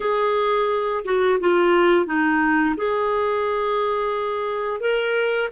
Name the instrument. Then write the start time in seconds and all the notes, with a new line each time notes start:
clarinet
0.00 G#4
1.04 F#4
1.39 F4
2.06 D#4
2.76 G#4
4.80 A#4